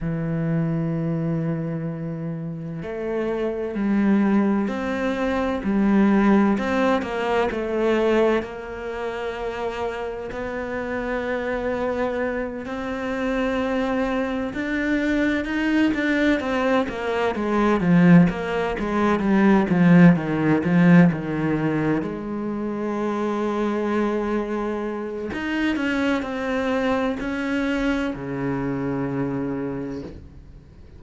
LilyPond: \new Staff \with { instrumentName = "cello" } { \time 4/4 \tempo 4 = 64 e2. a4 | g4 c'4 g4 c'8 ais8 | a4 ais2 b4~ | b4. c'2 d'8~ |
d'8 dis'8 d'8 c'8 ais8 gis8 f8 ais8 | gis8 g8 f8 dis8 f8 dis4 gis8~ | gis2. dis'8 cis'8 | c'4 cis'4 cis2 | }